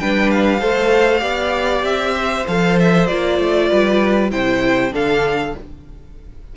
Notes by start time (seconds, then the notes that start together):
0.00 G3 D4 B4 G5
0.30 F5
0.60 A3 A4 C5
1.20 B3 G4 D5
1.83 C4 E5
2.15 C5
2.48 F3 A4 F5
2.79 E5
3.07 A#3 F4 D5
3.38 A3
3.69 G3 B4
4.31 C3 E4 C5 G5
4.91 D3 D4 A4 F5